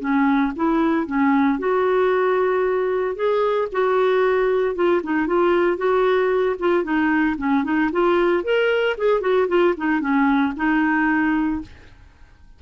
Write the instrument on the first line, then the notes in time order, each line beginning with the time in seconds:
clarinet
0.00 C#4
0.56 E4
1.07 C#4
1.59 F#4
3.16 G#4
3.72 F#4
4.75 F4
5.03 D#4
5.27 F4
5.77 F#4
6.60 F4
6.84 D#4
7.38 C#4
7.64 D#4
7.92 F4
8.44 A#4
8.98 G#4
9.21 F#4
9.48 F4
9.77 D#4
10.01 C#4
10.57 D#4